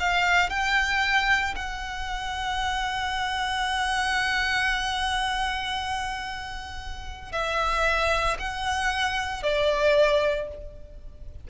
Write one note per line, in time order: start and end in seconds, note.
0.00 0.50 F5
0.50 1.55 G5
1.56 7.33 F#5
7.33 8.38 E5
8.40 9.44 F#5
9.44 10.49 D5